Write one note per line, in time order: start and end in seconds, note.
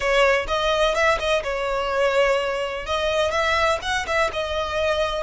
0.00 0.46 C#5
0.47 0.94 D#5
0.94 1.18 E5
1.19 1.42 D#5
1.43 2.85 C#5
2.85 3.31 D#5
3.31 3.79 E5
3.82 4.05 F#5
4.06 4.30 E5
4.32 5.23 D#5